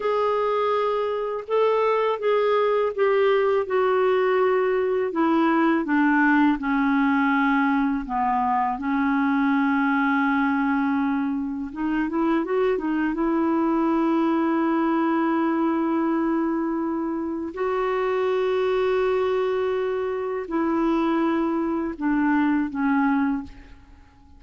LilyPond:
\new Staff \with { instrumentName = "clarinet" } { \time 4/4 \tempo 4 = 82 gis'2 a'4 gis'4 | g'4 fis'2 e'4 | d'4 cis'2 b4 | cis'1 |
dis'8 e'8 fis'8 dis'8 e'2~ | e'1 | fis'1 | e'2 d'4 cis'4 | }